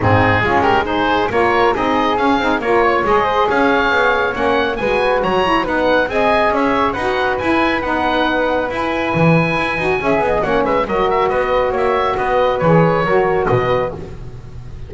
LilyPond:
<<
  \new Staff \with { instrumentName = "oboe" } { \time 4/4 \tempo 4 = 138 gis'4. ais'8 c''4 cis''4 | dis''4 f''4 cis''4 dis''4 | f''2 fis''4 gis''4 | ais''4 fis''4 gis''4 e''4 |
fis''4 gis''4 fis''2 | gis''1 | fis''8 e''8 dis''8 e''8 dis''4 e''4 | dis''4 cis''2 dis''4 | }
  \new Staff \with { instrumentName = "flute" } { \time 4/4 dis'4 f'8 g'8 gis'4 ais'4 | gis'2 ais'8 cis''4 c''8 | cis''2. b'4 | cis''4 b'4 dis''4 cis''4 |
b'1~ | b'2. e''8 dis''8 | cis''8 b'8 ais'4 b'4 cis''4 | b'2 ais'4 b'4 | }
  \new Staff \with { instrumentName = "saxophone" } { \time 4/4 c'4 cis'4 dis'4 f'4 | dis'4 cis'8 dis'8 f'4 gis'4~ | gis'2 cis'4 fis'4~ | fis'8 e'8 dis'4 gis'2 |
fis'4 e'4 dis'2 | e'2~ e'8 fis'8 gis'4 | cis'4 fis'2.~ | fis'4 gis'4 fis'2 | }
  \new Staff \with { instrumentName = "double bass" } { \time 4/4 gis,4 gis2 ais4 | c'4 cis'8 c'8 ais4 gis4 | cis'4 b4 ais4 gis4 | fis4 b4 c'4 cis'4 |
dis'4 e'4 b2 | e'4 e4 e'8 dis'8 cis'8 b8 | ais8 gis8 fis4 b4 ais4 | b4 e4 fis4 b,4 | }
>>